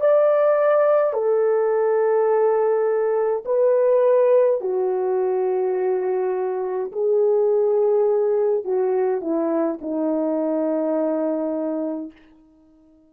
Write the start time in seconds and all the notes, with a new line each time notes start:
0.00 D5
1.13 A4
3.45 B4
4.60 F#4
6.92 G#4
8.64 F#4
9.21 E4
9.81 D#4